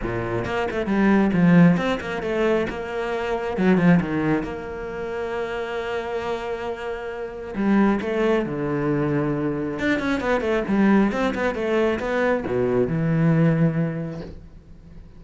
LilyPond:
\new Staff \with { instrumentName = "cello" } { \time 4/4 \tempo 4 = 135 ais,4 ais8 a8 g4 f4 | c'8 ais8 a4 ais2 | fis8 f8 dis4 ais2~ | ais1~ |
ais4 g4 a4 d4~ | d2 d'8 cis'8 b8 a8 | g4 c'8 b8 a4 b4 | b,4 e2. | }